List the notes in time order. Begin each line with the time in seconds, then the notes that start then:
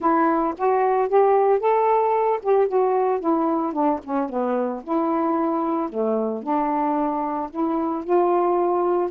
0.00 E4
0.57 F#4
1.09 G4
1.59 A4
2.42 G4
2.68 F#4
3.19 E4
3.72 D4
4.03 C#4
4.29 B3
4.83 E4
5.89 A3
6.43 D4
7.50 E4
8.04 F4